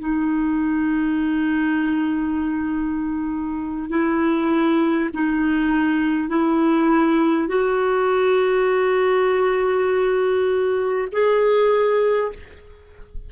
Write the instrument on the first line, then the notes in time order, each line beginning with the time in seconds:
clarinet
0.00 D#4
3.90 E4
5.14 D#4
6.29 E4
7.48 F#4
11.12 G#4